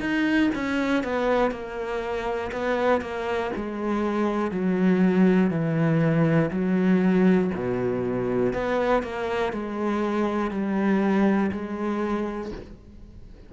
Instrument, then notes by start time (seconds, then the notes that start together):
cello
0.00 D#4
0.55 C#4
1.03 B3
1.51 A#3
2.52 B3
3.01 A#3
3.56 G#3
4.51 F#3
5.50 E3
6.51 F#3
7.55 B2
8.53 B3
9.03 A#3
9.53 G#3
10.50 G3
11.51 G#3